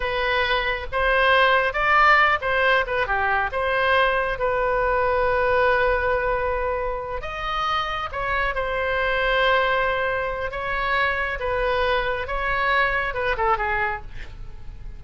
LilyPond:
\new Staff \with { instrumentName = "oboe" } { \time 4/4 \tempo 4 = 137 b'2 c''2 | d''4. c''4 b'8 g'4 | c''2 b'2~ | b'1~ |
b'8 dis''2 cis''4 c''8~ | c''1 | cis''2 b'2 | cis''2 b'8 a'8 gis'4 | }